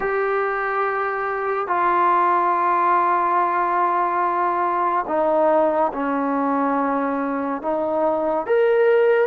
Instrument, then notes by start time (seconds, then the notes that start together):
trombone
0.00 G4
1.67 F4
5.07 D#4
5.93 C#4
7.62 D#4
8.46 A#4